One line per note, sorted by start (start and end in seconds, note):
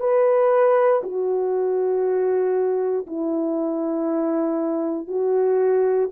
0.00 1.02 B4
1.03 3.06 F#4
3.06 5.08 E4
5.08 6.09 F#4